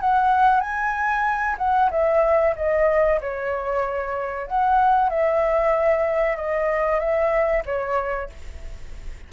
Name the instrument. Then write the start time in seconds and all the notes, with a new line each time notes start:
flute
0.00 F#5
0.60 G#5
1.58 F#5
1.91 E5
2.56 D#5
3.21 C#5
4.47 F#5
5.09 E5
6.36 D#5
6.99 E5
7.65 C#5